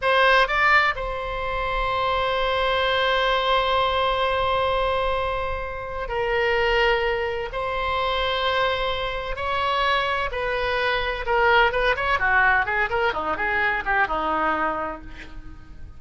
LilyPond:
\new Staff \with { instrumentName = "oboe" } { \time 4/4 \tempo 4 = 128 c''4 d''4 c''2~ | c''1~ | c''1~ | c''4 ais'2. |
c''1 | cis''2 b'2 | ais'4 b'8 cis''8 fis'4 gis'8 ais'8 | dis'8 gis'4 g'8 dis'2 | }